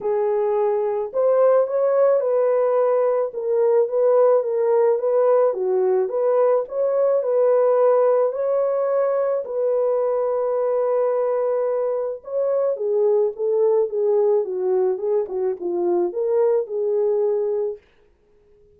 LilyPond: \new Staff \with { instrumentName = "horn" } { \time 4/4 \tempo 4 = 108 gis'2 c''4 cis''4 | b'2 ais'4 b'4 | ais'4 b'4 fis'4 b'4 | cis''4 b'2 cis''4~ |
cis''4 b'2.~ | b'2 cis''4 gis'4 | a'4 gis'4 fis'4 gis'8 fis'8 | f'4 ais'4 gis'2 | }